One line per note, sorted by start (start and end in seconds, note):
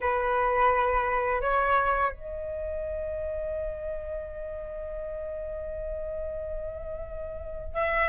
0.00 1.41 B4
1.41 2.11 C#5
2.12 7.74 D#5
7.74 8.09 E5